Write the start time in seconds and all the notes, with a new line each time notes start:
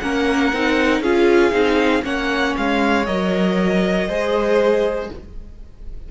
0.00 A#3 C#4 A#4 F#5
0.53 C4 D#4
1.01 C#4 F4 G#4 F5
1.52 C4 D#4
2.03 A#3 C#4 C#5 F#5
2.57 G#3 F5
3.06 F#3 A#4 D#5
4.08 G#3 G#4 C5